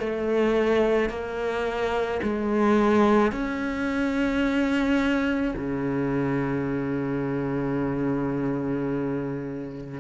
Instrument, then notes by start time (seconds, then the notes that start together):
cello
0.00 A3
1.10 A#3
2.23 G#3
3.32 C#4
5.57 C#3